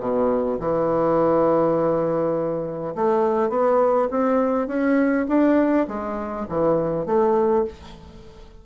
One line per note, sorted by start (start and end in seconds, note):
0.00 0.59 B2
0.60 2.95 E3
2.95 3.49 A3
3.49 4.08 B3
4.11 4.68 C4
4.68 5.26 C#4
5.28 5.87 D4
5.88 6.47 G#3
6.49 7.06 E3
7.06 7.65 A3